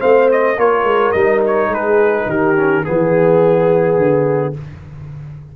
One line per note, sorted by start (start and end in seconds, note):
0.00 0.58 A3
0.00 0.57 C4
0.00 0.57 C5
0.00 0.29 F5
0.32 0.60 D#5
0.58 0.84 A#3
0.58 1.16 F4
0.58 1.71 A#4
0.58 1.12 C#5
0.84 1.12 G#3
1.12 1.69 G3
1.12 2.57 D#4
1.12 1.40 D#5
1.46 1.74 C#5
1.69 2.25 G#3
1.69 2.27 G#4
1.69 2.30 B4
2.27 2.83 D#3
2.27 2.86 G4
2.27 2.85 A#4
2.57 2.84 C#4
2.84 3.97 E3
2.84 4.54 B3
2.84 4.55 G#4
2.84 4.56 G#4
3.97 4.54 D3